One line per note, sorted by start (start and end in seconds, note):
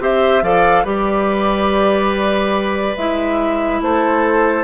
0.00 0.42 C4
0.00 0.43 G4
0.00 0.43 C5
0.00 0.44 E5
0.42 0.85 F3
0.42 0.85 A4
0.42 0.84 D5
0.42 0.86 F5
0.84 2.96 G3
0.84 2.96 G4
0.84 3.80 B4
0.84 2.97 D5
2.97 3.81 G#3
2.97 4.64 E4
2.97 3.81 E5
3.82 4.64 A3
3.82 4.64 A4
3.82 4.64 C5